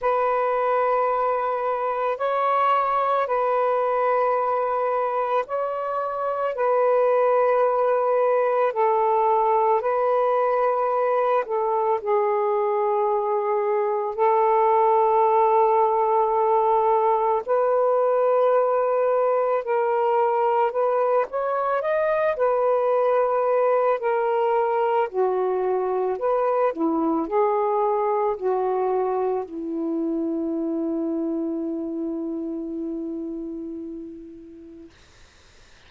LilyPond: \new Staff \with { instrumentName = "saxophone" } { \time 4/4 \tempo 4 = 55 b'2 cis''4 b'4~ | b'4 cis''4 b'2 | a'4 b'4. a'8 gis'4~ | gis'4 a'2. |
b'2 ais'4 b'8 cis''8 | dis''8 b'4. ais'4 fis'4 | b'8 e'8 gis'4 fis'4 e'4~ | e'1 | }